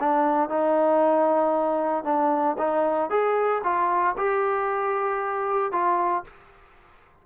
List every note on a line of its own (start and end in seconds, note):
0.00 0.49 D4
0.49 2.04 D#4
2.04 2.57 D4
2.58 3.10 D#4
3.10 3.62 G#4
3.64 4.16 F4
4.17 5.72 G4
5.72 6.24 F4